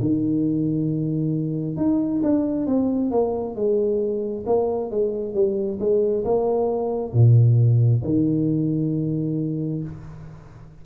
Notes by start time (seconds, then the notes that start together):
0.00 D#3
1.76 D#4
2.23 D4
2.66 C4
3.11 A#3
3.55 G#3
4.46 A#3
4.90 G#3
5.34 G3
5.79 G#3
6.24 A#3
7.12 A#2
8.04 D#3